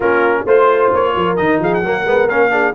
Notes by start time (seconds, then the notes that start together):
0.00 A#3 C#4 F4 A#4
0.45 A3 F4 C5
0.92 A#3 C#5
1.15 F3 A#4
1.36 D#3 D#4 D#5
1.59 F3 G#4 F5
1.74 F#5
1.82 F#3 A#3 A#4
2.05 G#3 B3
2.27 A#3 C#4 F5
2.50 D4 G#4